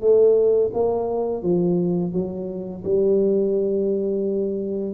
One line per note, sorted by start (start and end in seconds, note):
0.00 0.71 A3
0.73 1.42 A#3
1.42 2.12 F3
2.12 2.83 F#3
2.84 4.94 G3